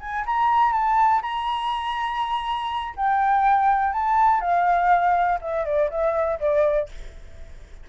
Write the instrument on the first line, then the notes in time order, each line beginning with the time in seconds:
flute
0.00 G#5
0.26 A#5
0.72 A5
1.22 A#5
2.96 G5
3.93 A5
4.41 F5
5.41 E5
5.65 D5
5.90 E5
6.40 D5